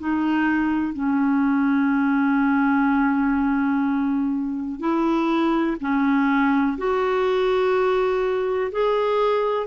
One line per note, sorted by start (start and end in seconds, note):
0.00 0.94 D#4
0.94 4.80 C#4
4.80 5.77 E4
5.81 6.78 C#4
6.78 8.72 F#4
8.73 9.67 G#4